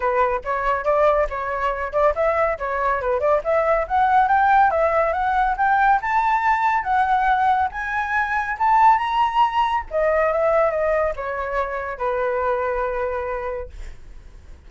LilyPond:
\new Staff \with { instrumentName = "flute" } { \time 4/4 \tempo 4 = 140 b'4 cis''4 d''4 cis''4~ | cis''8 d''8 e''4 cis''4 b'8 d''8 | e''4 fis''4 g''4 e''4 | fis''4 g''4 a''2 |
fis''2 gis''2 | a''4 ais''2 dis''4 | e''4 dis''4 cis''2 | b'1 | }